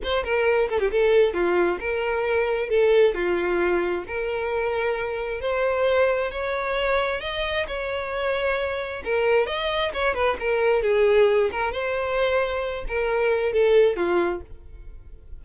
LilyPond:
\new Staff \with { instrumentName = "violin" } { \time 4/4 \tempo 4 = 133 c''8 ais'4 a'16 g'16 a'4 f'4 | ais'2 a'4 f'4~ | f'4 ais'2. | c''2 cis''2 |
dis''4 cis''2. | ais'4 dis''4 cis''8 b'8 ais'4 | gis'4. ais'8 c''2~ | c''8 ais'4. a'4 f'4 | }